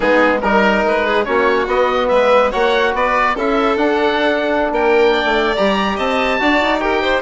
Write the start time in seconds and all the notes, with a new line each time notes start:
0.00 G#3 B3 D#4 G#4
0.41 G3 D#4 A#4
0.84 G#3 B4
1.06 G#4
1.25 A#3 C#4 F#4 C#5
1.67 B3 D#5
2.08 G#3 B4 E5
2.51 A#3 F#4 C#5 F#5
2.94 B3 B4 D5
3.35 C#4 E4 A4 E5
3.76 D4 F#5
4.71 A#3 A#4 G5
5.13 D5
5.24 A3
5.56 G3 G4 A#5
5.96 C4 D#5 A5
6.39 D4 F#4 D5
6.61 D#4
6.80 G4 A#4 G5
7.01 C5